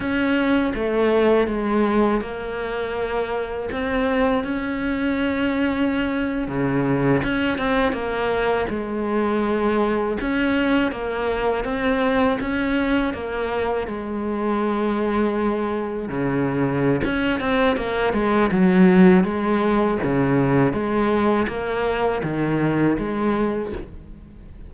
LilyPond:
\new Staff \with { instrumentName = "cello" } { \time 4/4 \tempo 4 = 81 cis'4 a4 gis4 ais4~ | ais4 c'4 cis'2~ | cis'8. cis4 cis'8 c'8 ais4 gis16~ | gis4.~ gis16 cis'4 ais4 c'16~ |
c'8. cis'4 ais4 gis4~ gis16~ | gis4.~ gis16 cis4~ cis16 cis'8 c'8 | ais8 gis8 fis4 gis4 cis4 | gis4 ais4 dis4 gis4 | }